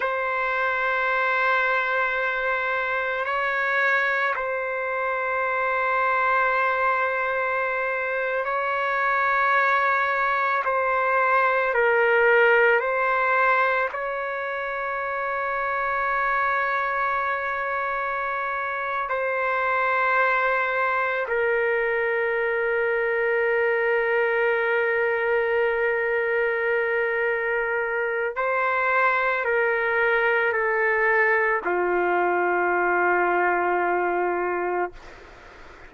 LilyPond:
\new Staff \with { instrumentName = "trumpet" } { \time 4/4 \tempo 4 = 55 c''2. cis''4 | c''2.~ c''8. cis''16~ | cis''4.~ cis''16 c''4 ais'4 c''16~ | c''8. cis''2.~ cis''16~ |
cis''4. c''2 ais'8~ | ais'1~ | ais'2 c''4 ais'4 | a'4 f'2. | }